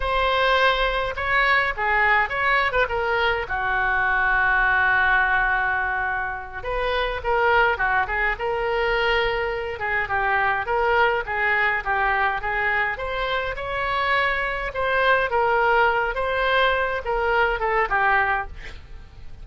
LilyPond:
\new Staff \with { instrumentName = "oboe" } { \time 4/4 \tempo 4 = 104 c''2 cis''4 gis'4 | cis''8. b'16 ais'4 fis'2~ | fis'2.~ fis'8 b'8~ | b'8 ais'4 fis'8 gis'8 ais'4.~ |
ais'4 gis'8 g'4 ais'4 gis'8~ | gis'8 g'4 gis'4 c''4 cis''8~ | cis''4. c''4 ais'4. | c''4. ais'4 a'8 g'4 | }